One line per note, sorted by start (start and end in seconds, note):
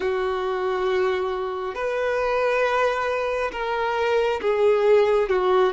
0.00 1.74 F#4
1.74 3.51 B4
3.52 4.40 A#4
4.41 5.29 G#4
5.29 5.72 F#4